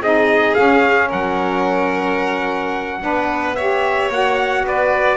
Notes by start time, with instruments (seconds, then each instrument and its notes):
0.00 double bass C4, saxophone D#4, violin G#4, trumpet D#5
0.55 saxophone C#4, double bass C#4, trumpet F5
1.08 double bass F#3, violin A#4, trumpet F#5
3.00 double bass B3, saxophone D4, violin B4
3.55 saxophone G4, violin C#5, trumpet E5
4.09 double bass A#3, saxophone F#4, trumpet F#5
4.63 double bass B3, violin B4, trumpet D5